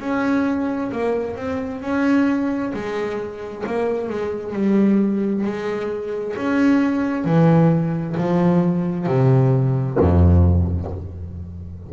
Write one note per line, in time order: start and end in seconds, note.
0.00 0.91 C#4
0.92 1.36 A#3
1.36 1.81 C4
1.81 2.72 C#4
2.73 3.64 G#3
3.67 4.10 A#3
4.10 4.53 G#3
4.53 5.44 G3
5.44 6.35 G#3
6.37 7.25 C#4
7.25 8.16 E3
8.17 9.07 F3
9.07 9.98 C3
10.00 10.91 F2